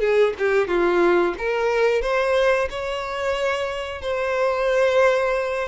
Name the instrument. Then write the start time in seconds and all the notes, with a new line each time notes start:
violin
0.00 G#4
0.38 G4
0.68 F4
1.38 A#4
2.02 C5
2.70 C#5
4.02 C5